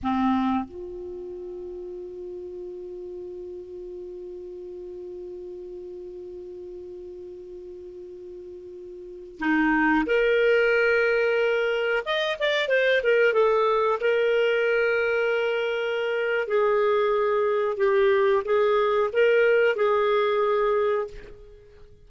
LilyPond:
\new Staff \with { instrumentName = "clarinet" } { \time 4/4 \tempo 4 = 91 c'4 f'2.~ | f'1~ | f'1~ | f'2~ f'16 dis'4 ais'8.~ |
ais'2~ ais'16 dis''8 d''8 c''8 ais'16~ | ais'16 a'4 ais'2~ ais'8.~ | ais'4 gis'2 g'4 | gis'4 ais'4 gis'2 | }